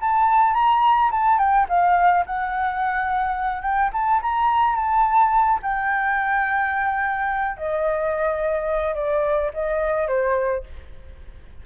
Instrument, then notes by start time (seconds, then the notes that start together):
flute
0.00 A5
0.54 A#5
1.11 A5
1.38 G5
1.68 F5
2.26 F#5
3.62 G5
3.93 A5
4.22 A#5
4.75 A5
5.62 G5
7.57 D#5
8.95 D5
9.53 D#5
10.07 C5